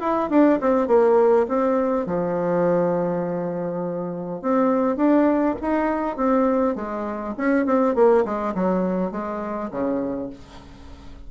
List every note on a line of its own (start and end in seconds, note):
0.00 0.29 E4
0.29 0.59 D4
0.60 0.87 C4
0.87 1.46 A#3
1.48 2.06 C4
2.06 4.41 F3
4.41 4.96 C4
4.96 5.55 D4
5.61 6.16 D#4
6.16 6.75 C4
6.75 7.34 G#3
7.37 7.66 C#4
7.66 7.95 C4
7.95 8.24 A#3
8.25 8.54 G#3
8.54 9.11 F#3
9.11 9.70 G#3
9.71 10.29 C#3